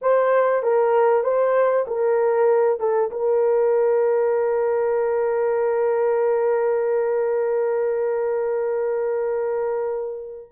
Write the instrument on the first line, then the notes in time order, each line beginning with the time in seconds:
horn
0.01 C5
0.62 A#4
1.23 C5
1.87 A#4
2.79 A4
3.10 A#4